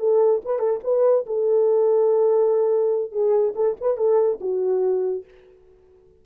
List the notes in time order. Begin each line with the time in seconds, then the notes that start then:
0.00 A4
0.45 B4
0.59 A4
0.84 B4
1.27 A4
3.12 G#4
3.56 A4
3.81 B4
3.97 A4
4.41 F#4